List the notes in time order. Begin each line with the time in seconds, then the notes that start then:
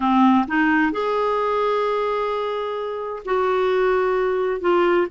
0.00 C4
0.47 D#4
0.92 G#4
3.25 F#4
4.60 F4